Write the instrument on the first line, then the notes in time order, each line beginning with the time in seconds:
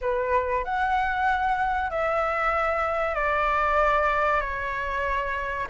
flute
0.01 B4
0.64 F#5
1.90 E5
3.14 D5
4.40 C#5